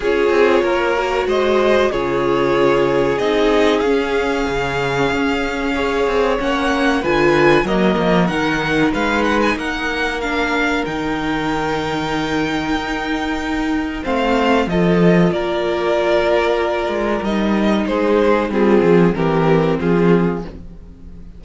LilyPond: <<
  \new Staff \with { instrumentName = "violin" } { \time 4/4 \tempo 4 = 94 cis''2 dis''4 cis''4~ | cis''4 dis''4 f''2~ | f''2 fis''4 gis''4 | dis''4 fis''4 f''8 fis''16 gis''16 fis''4 |
f''4 g''2.~ | g''2 f''4 dis''4 | d''2. dis''4 | c''4 gis'4 ais'4 gis'4 | }
  \new Staff \with { instrumentName = "violin" } { \time 4/4 gis'4 ais'4 c''4 gis'4~ | gis'1~ | gis'4 cis''2 b'4 | ais'2 b'4 ais'4~ |
ais'1~ | ais'2 c''4 a'4 | ais'1 | gis'4 c'4 g'4 f'4 | }
  \new Staff \with { instrumentName = "viola" } { \time 4/4 f'4. fis'4. f'4~ | f'4 dis'4 cis'2~ | cis'4 gis'4 cis'4 f'4 | ais4 dis'2. |
d'4 dis'2.~ | dis'2 c'4 f'4~ | f'2. dis'4~ | dis'4 f'4 c'2 | }
  \new Staff \with { instrumentName = "cello" } { \time 4/4 cis'8 c'8 ais4 gis4 cis4~ | cis4 c'4 cis'4 cis4 | cis'4. c'8 ais4 d4 | fis8 f8 dis4 gis4 ais4~ |
ais4 dis2. | dis'2 a4 f4 | ais2~ ais8 gis8 g4 | gis4 g8 f8 e4 f4 | }
>>